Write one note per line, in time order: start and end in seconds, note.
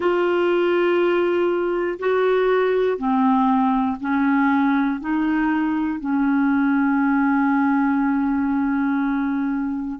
0.00 1.99 F4
1.99 2.97 F#4
2.97 3.97 C4
4.00 5.00 C#4
5.00 6.00 D#4
6.00 10.00 C#4